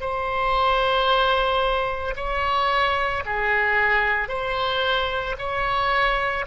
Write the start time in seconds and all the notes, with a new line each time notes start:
0.00 C5
2.16 C#5
3.25 G#4
4.28 C5
5.38 C#5